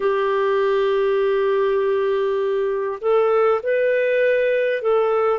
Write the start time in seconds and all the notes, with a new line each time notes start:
0.00 G4
3.00 A4
3.63 B4
4.82 A4